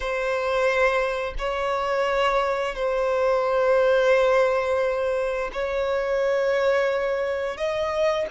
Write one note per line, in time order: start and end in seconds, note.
0.00 1.34 C5
1.38 2.75 C#5
2.75 5.50 C5
5.53 7.57 C#5
7.57 8.26 D#5